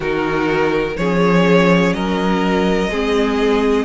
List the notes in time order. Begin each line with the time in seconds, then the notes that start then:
0.00 D#3 D#4 F#4 A#4
0.97 F3 C#4 G#4 C#5
1.92 F#3 A#4 D#5
2.88 G#3 C4 G#4